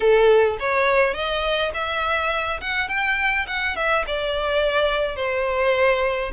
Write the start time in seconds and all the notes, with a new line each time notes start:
0.00 A4
0.59 C#5
1.14 D#5
1.74 E5
2.60 F#5
2.88 G5
3.47 F#5
3.76 E5
4.06 D5
5.16 C5